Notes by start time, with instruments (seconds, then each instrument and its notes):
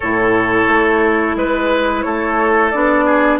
0.00 bassoon A2, clarinet E4, oboe A4, flute C#5
0.67 bassoon A3
1.36 bassoon G#3, oboe B4, flute B4
2.01 bassoon A3, oboe A4, flute C#5
2.70 bassoon B3, clarinet D4, flute D5
3.05 oboe G#4